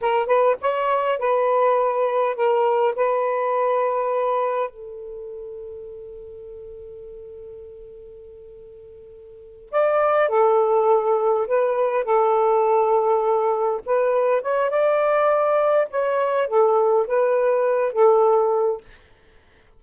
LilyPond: \new Staff \with { instrumentName = "saxophone" } { \time 4/4 \tempo 4 = 102 ais'8 b'8 cis''4 b'2 | ais'4 b'2. | a'1~ | a'1~ |
a'8 d''4 a'2 b'8~ | b'8 a'2. b'8~ | b'8 cis''8 d''2 cis''4 | a'4 b'4. a'4. | }